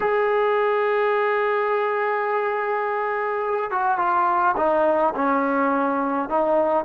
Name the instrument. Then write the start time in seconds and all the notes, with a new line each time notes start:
trombone
0.00 G#4
3.71 F#4
3.98 F4
4.57 D#4
5.15 C#4
6.29 D#4